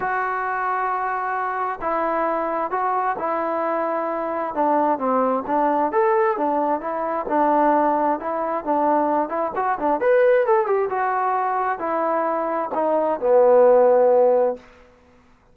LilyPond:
\new Staff \with { instrumentName = "trombone" } { \time 4/4 \tempo 4 = 132 fis'1 | e'2 fis'4 e'4~ | e'2 d'4 c'4 | d'4 a'4 d'4 e'4 |
d'2 e'4 d'4~ | d'8 e'8 fis'8 d'8 b'4 a'8 g'8 | fis'2 e'2 | dis'4 b2. | }